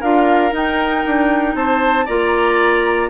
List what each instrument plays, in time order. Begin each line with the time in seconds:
0.00 bassoon D4, clarinet F4, oboe A#4, flute F5
0.51 clarinet D#4, bassoon D#4, flute G5
1.05 bassoon D4
1.55 bassoon C4, oboe C5, flute A5
2.05 bassoon A#3, clarinet F4, oboe D5, flute A#5